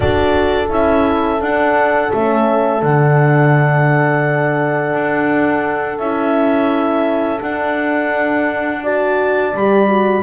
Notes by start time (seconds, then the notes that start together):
0.00 D4 F#4 A4 D5
0.69 C#4 E4 E5
1.40 D4 F#5
2.13 A3 C#4 E5
2.79 D3 D4 F#5
4.93 D4
5.98 C#4 E4 E5
7.39 D4 F#5
8.82 F#4 D5 A5
9.53 G3 G4 B5
9.88 F#4